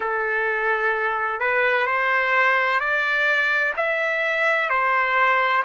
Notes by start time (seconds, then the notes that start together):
0.00 A4
1.40 B4
1.86 C5
2.80 D5
3.76 E5
4.69 C5